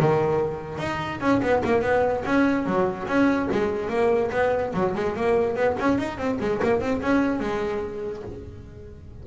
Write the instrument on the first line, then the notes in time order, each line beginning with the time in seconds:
double bass
0.00 D#3
0.78 D#4
1.21 C#4
1.42 B3
1.64 A#3
1.82 B3
2.26 C#4
2.66 F#3
3.07 C#4
3.52 G#3
3.89 A#3
4.32 B3
4.74 F#3
4.95 G#3
5.16 A#3
5.56 B3
5.80 C#4
5.98 D#4
6.18 C4
6.41 G#3
6.63 A#3
6.81 C4
7.02 C#4
7.40 G#3